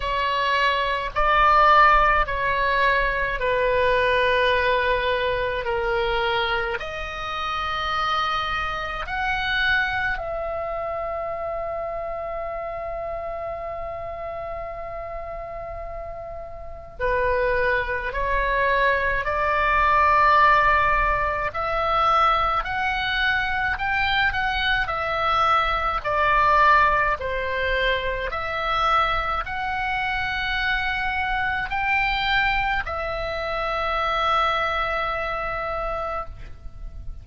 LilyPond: \new Staff \with { instrumentName = "oboe" } { \time 4/4 \tempo 4 = 53 cis''4 d''4 cis''4 b'4~ | b'4 ais'4 dis''2 | fis''4 e''2.~ | e''2. b'4 |
cis''4 d''2 e''4 | fis''4 g''8 fis''8 e''4 d''4 | c''4 e''4 fis''2 | g''4 e''2. | }